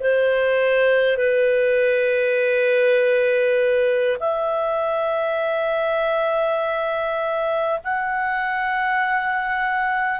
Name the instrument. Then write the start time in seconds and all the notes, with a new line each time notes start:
clarinet
0.00 C5
1.17 B4
4.20 E5
7.84 F#5